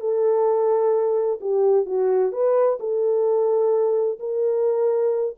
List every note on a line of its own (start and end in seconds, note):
0.00 1.40 A4
1.40 1.86 G4
1.86 2.32 F#4
2.32 2.78 B4
2.79 4.19 A4
4.19 5.36 A#4